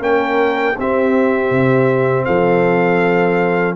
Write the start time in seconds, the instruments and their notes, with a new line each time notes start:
0.00 tuba A#3, trombone C#4, horn A#4, trumpet G5
0.78 tuba C4, trombone C4, horn G4, trumpet E5
1.50 tuba C3
2.25 tuba F3, horn A4, trumpet F5